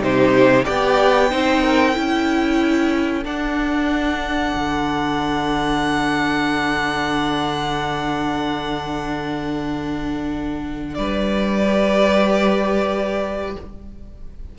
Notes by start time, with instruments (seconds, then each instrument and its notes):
0.00 cello C3, viola D#4, violin G4 C5
0.65 cello B3, viola G4, violin D5 G5
1.31 cello C4, viola D#4, violin C5
1.63 violin A#4
1.94 cello C#4, viola E4, violin A4
3.25 viola D4, cello D4, violin F#5
4.55 cello D3
10.95 cello G3, violin B4 D5
11.65 viola G4